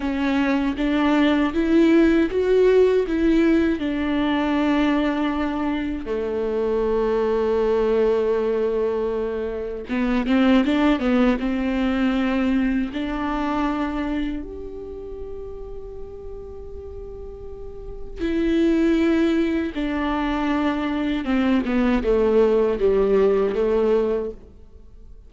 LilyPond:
\new Staff \with { instrumentName = "viola" } { \time 4/4 \tempo 4 = 79 cis'4 d'4 e'4 fis'4 | e'4 d'2. | a1~ | a4 b8 c'8 d'8 b8 c'4~ |
c'4 d'2 g'4~ | g'1 | e'2 d'2 | c'8 b8 a4 g4 a4 | }